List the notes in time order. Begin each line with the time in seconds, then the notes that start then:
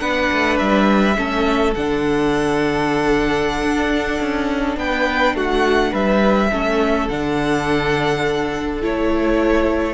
0.00 B3 D4 B4 F#5
0.32 A3
0.59 G3 E5
1.16 A3 C#4 A4
1.74 D3 D4 F#5
3.62 D4
4.20 C#4
4.77 B3 B4 G5
5.35 A3 F#4 F#5
5.91 G3 B4 E5
6.52 A3 C#4 A4
7.09 D3 D4 F#5
8.82 A3 E4 C#5